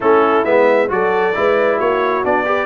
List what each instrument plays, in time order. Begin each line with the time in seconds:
0.00 tuba A3, trombone C#4, horn E4, trumpet A4
0.44 tuba G#3, trombone B3, trumpet E5
0.88 tuba F#3, trombone F#4, horn A4, trumpet D5
1.34 tuba G#3, trombone E4, horn B4
1.77 tuba A#3, horn F#4, trumpet C#5
2.23 tuba B3, trombone D4, trumpet D5
2.45 trombone G4, horn B4